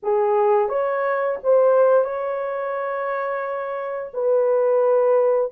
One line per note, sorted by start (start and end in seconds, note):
0.02 0.68 G#4
0.68 1.37 C#5
1.43 2.04 C5
2.04 4.11 C#5
4.13 5.51 B4